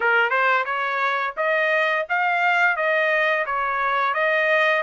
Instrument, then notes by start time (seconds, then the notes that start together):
trumpet
0.00 A#4
0.29 C5
0.65 C#5
1.36 D#5
2.09 F5
2.76 D#5
3.45 C#5
4.13 D#5